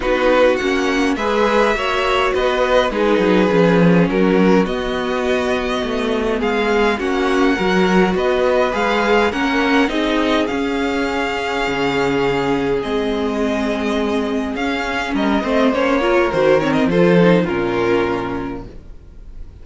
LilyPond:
<<
  \new Staff \with { instrumentName = "violin" } { \time 4/4 \tempo 4 = 103 b'4 fis''4 e''2 | dis''4 b'2 ais'4 | dis''2. f''4 | fis''2 dis''4 f''4 |
fis''4 dis''4 f''2~ | f''2 dis''2~ | dis''4 f''4 dis''4 cis''4 | c''8 cis''16 dis''16 c''4 ais'2 | }
  \new Staff \with { instrumentName = "violin" } { \time 4/4 fis'2 b'4 cis''4 | b'4 gis'2 fis'4~ | fis'2. gis'4 | fis'4 ais'4 b'2 |
ais'4 gis'2.~ | gis'1~ | gis'2 ais'8 c''4 ais'8~ | ais'4 a'4 f'2 | }
  \new Staff \with { instrumentName = "viola" } { \time 4/4 dis'4 cis'4 gis'4 fis'4~ | fis'4 dis'4 cis'2 | b1 | cis'4 fis'2 gis'4 |
cis'4 dis'4 cis'2~ | cis'2 c'2~ | c'4 cis'4. c'8 cis'8 f'8 | fis'8 c'8 f'8 dis'8 cis'2 | }
  \new Staff \with { instrumentName = "cello" } { \time 4/4 b4 ais4 gis4 ais4 | b4 gis8 fis8 f4 fis4 | b2 a4 gis4 | ais4 fis4 b4 gis4 |
ais4 c'4 cis'2 | cis2 gis2~ | gis4 cis'4 g8 a8 ais4 | dis4 f4 ais,2 | }
>>